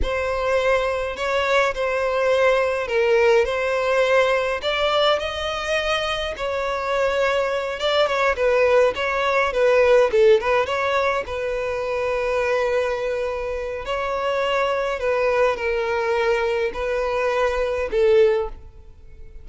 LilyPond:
\new Staff \with { instrumentName = "violin" } { \time 4/4 \tempo 4 = 104 c''2 cis''4 c''4~ | c''4 ais'4 c''2 | d''4 dis''2 cis''4~ | cis''4. d''8 cis''8 b'4 cis''8~ |
cis''8 b'4 a'8 b'8 cis''4 b'8~ | b'1 | cis''2 b'4 ais'4~ | ais'4 b'2 a'4 | }